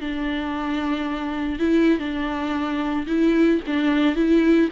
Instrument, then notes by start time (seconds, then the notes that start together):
viola
0.00 D4
1.59 E4
1.98 D4
3.07 E4
3.66 D4
4.15 E4